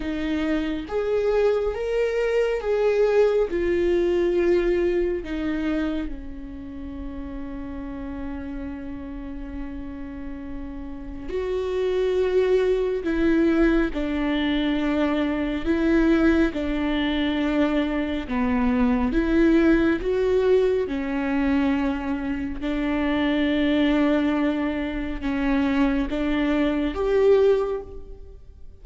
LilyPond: \new Staff \with { instrumentName = "viola" } { \time 4/4 \tempo 4 = 69 dis'4 gis'4 ais'4 gis'4 | f'2 dis'4 cis'4~ | cis'1~ | cis'4 fis'2 e'4 |
d'2 e'4 d'4~ | d'4 b4 e'4 fis'4 | cis'2 d'2~ | d'4 cis'4 d'4 g'4 | }